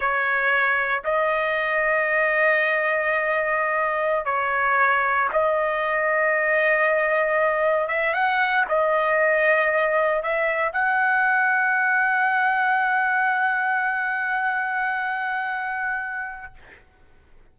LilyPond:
\new Staff \with { instrumentName = "trumpet" } { \time 4/4 \tempo 4 = 116 cis''2 dis''2~ | dis''1~ | dis''16 cis''2 dis''4.~ dis''16~ | dis''2.~ dis''16 e''8 fis''16~ |
fis''8. dis''2. e''16~ | e''8. fis''2.~ fis''16~ | fis''1~ | fis''1 | }